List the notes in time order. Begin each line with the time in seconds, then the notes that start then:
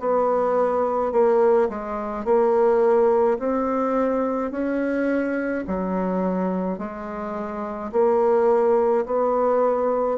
0.00 B3
1.12 A#3
1.70 G#3
2.25 A#3
3.39 C4
4.52 C#4
5.68 F#3
6.79 G#3
7.92 A#3
9.06 B3